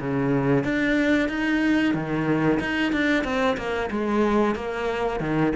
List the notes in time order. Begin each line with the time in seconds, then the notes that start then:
0.00 C#3
0.64 D4
1.29 D#4
1.94 D#3
2.60 D#4
2.93 D4
3.24 C4
3.57 A#3
3.91 G#3
4.55 A#3
5.20 D#3